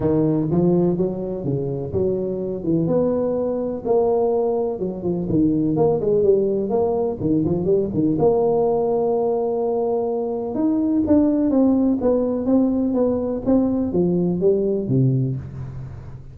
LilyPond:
\new Staff \with { instrumentName = "tuba" } { \time 4/4 \tempo 4 = 125 dis4 f4 fis4 cis4 | fis4. e8 b2 | ais2 fis8 f8 dis4 | ais8 gis8 g4 ais4 dis8 f8 |
g8 dis8 ais2.~ | ais2 dis'4 d'4 | c'4 b4 c'4 b4 | c'4 f4 g4 c4 | }